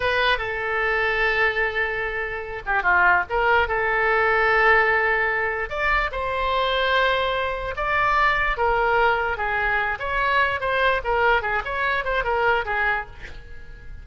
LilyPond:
\new Staff \with { instrumentName = "oboe" } { \time 4/4 \tempo 4 = 147 b'4 a'2.~ | a'2~ a'8 g'8 f'4 | ais'4 a'2.~ | a'2 d''4 c''4~ |
c''2. d''4~ | d''4 ais'2 gis'4~ | gis'8 cis''4. c''4 ais'4 | gis'8 cis''4 c''8 ais'4 gis'4 | }